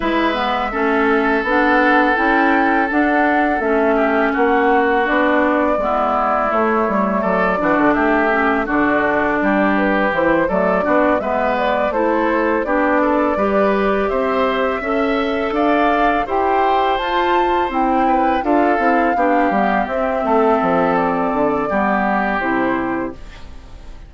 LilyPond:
<<
  \new Staff \with { instrumentName = "flute" } { \time 4/4 \tempo 4 = 83 e''2 fis''4 g''4 | fis''4 e''4 fis''4 d''4~ | d''4 cis''4 d''4 e''4 | d''4. b'8 c''8 d''4 e''8 |
d''8 c''4 d''2 e''8~ | e''4. f''4 g''4 a''8~ | a''8 g''4 f''2 e''8~ | e''4 d''2 c''4 | }
  \new Staff \with { instrumentName = "oboe" } { \time 4/4 b'4 a'2.~ | a'4. g'8 fis'2 | e'2 a'8 fis'8 g'4 | fis'4 g'4. a'8 fis'8 b'8~ |
b'8 a'4 g'8 a'8 b'4 c''8~ | c''8 e''4 d''4 c''4.~ | c''4 b'8 a'4 g'4. | a'2 g'2 | }
  \new Staff \with { instrumentName = "clarinet" } { \time 4/4 e'8 b8 cis'4 d'4 e'4 | d'4 cis'2 d'4 | b4 a4. d'4 cis'8 | d'2 e'8 a8 d'8 b8~ |
b8 e'4 d'4 g'4.~ | g'8 a'2 g'4 f'8~ | f'8 e'4 f'8 e'8 d'8 b8 c'8~ | c'2 b4 e'4 | }
  \new Staff \with { instrumentName = "bassoon" } { \time 4/4 gis4 a4 b4 cis'4 | d'4 a4 ais4 b4 | gis4 a8 g8 fis8 e16 d16 a4 | d4 g4 e8 fis8 b8 gis8~ |
gis8 a4 b4 g4 c'8~ | c'8 cis'4 d'4 e'4 f'8~ | f'8 c'4 d'8 c'8 b8 g8 c'8 | a8 f4 d8 g4 c4 | }
>>